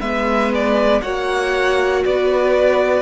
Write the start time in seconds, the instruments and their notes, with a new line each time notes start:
0.00 cello G#3, viola B3, violin B4 E5
0.54 violin D5
1.02 cello A#3, viola F#4, violin C#5 F#5
2.05 cello B3, violin B4 D5